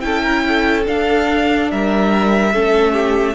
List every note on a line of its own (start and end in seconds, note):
0.00 0.87 C#4
0.00 0.84 E4
0.00 0.22 A4
0.00 0.83 G5
0.22 0.43 A#4
0.48 1.71 A4
0.85 2.52 D4
0.85 1.71 D4
0.85 1.70 F5
1.71 2.54 G3
1.71 2.53 A#4
1.71 3.35 E5
2.53 3.35 A3
2.53 3.35 C#4
2.53 2.93 A4
2.93 3.34 G4